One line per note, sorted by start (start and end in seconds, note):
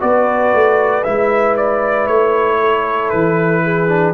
0.00 0.53 B3
0.00 1.03 F#4
0.00 2.59 B4
0.00 1.03 D5
0.53 1.05 A3
1.03 2.08 G#3
1.03 3.88 E4
1.03 1.55 E5
1.57 2.07 D5
2.07 3.11 A3
2.07 3.10 C#5
2.60 3.63 A4
3.10 4.14 E3
3.10 4.13 B4
3.63 4.14 G#4
3.88 4.14 D4